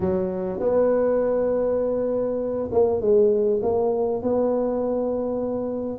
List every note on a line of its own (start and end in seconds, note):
0.00 0.59 F#3
0.59 2.69 B3
2.71 3.00 A#3
3.00 3.60 G#3
3.62 4.22 A#3
4.22 5.98 B3